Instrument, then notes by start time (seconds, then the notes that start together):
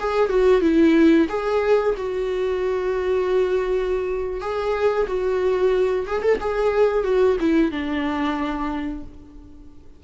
viola
0.00 G#4
0.30 F#4
0.62 E4
1.29 G#4
1.98 F#4
4.41 G#4
5.08 F#4
6.07 G#4
6.23 A4
6.41 G#4
7.05 F#4
7.40 E4
7.72 D4